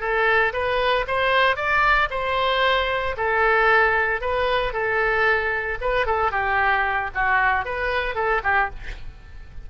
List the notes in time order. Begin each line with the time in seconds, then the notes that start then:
0.00 A4
0.53 B4
1.07 C5
1.56 D5
2.10 C5
3.17 A4
4.21 B4
4.73 A4
5.81 B4
6.06 A4
6.31 G4
7.15 F#4
7.65 B4
8.15 A4
8.44 G4